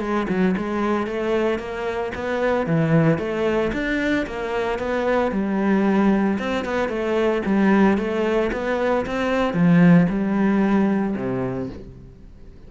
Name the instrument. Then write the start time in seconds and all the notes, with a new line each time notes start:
cello
0.00 G#3
0.28 F#3
0.57 G#3
1.07 A3
1.59 A#3
2.15 B3
2.66 E3
3.18 A3
3.73 D4
4.26 A#3
4.79 B3
5.32 G3
6.39 C4
6.65 B3
6.89 A3
7.46 G3
7.98 A3
8.52 B3
9.06 C4
9.54 F3
10.09 G3
11.16 C3